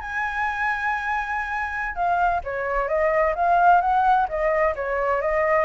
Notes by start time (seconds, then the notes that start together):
0.00 G#5
1.95 F5
2.43 C#5
2.88 D#5
3.35 F5
3.81 F#5
4.28 D#5
4.75 C#5
5.21 D#5